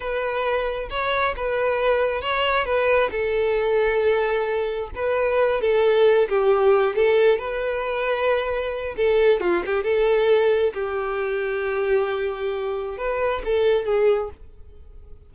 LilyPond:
\new Staff \with { instrumentName = "violin" } { \time 4/4 \tempo 4 = 134 b'2 cis''4 b'4~ | b'4 cis''4 b'4 a'4~ | a'2. b'4~ | b'8 a'4. g'4. a'8~ |
a'8 b'2.~ b'8 | a'4 f'8 g'8 a'2 | g'1~ | g'4 b'4 a'4 gis'4 | }